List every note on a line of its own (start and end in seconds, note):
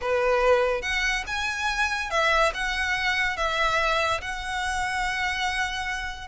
0.01 0.82 B4
0.82 1.24 F#5
1.26 2.10 G#5
2.10 2.52 E5
2.54 3.36 F#5
3.36 4.20 E5
4.21 6.27 F#5